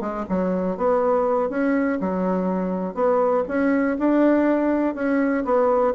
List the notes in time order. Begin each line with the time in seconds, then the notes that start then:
0.00 G#3
0.29 F#3
0.77 B3
1.49 C#4
2.00 F#3
2.94 B3
3.48 C#4
3.98 D4
4.94 C#4
5.44 B3